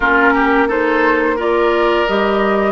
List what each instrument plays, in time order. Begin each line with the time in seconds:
0.00 bassoon A#3, clarinet C#4, oboe F4, flute A#4
0.33 oboe G4
0.68 clarinet D#4, oboe A4, flute C5
1.36 clarinet F4, oboe A#4, flute D5
2.07 bassoon G3, clarinet G4, flute D#5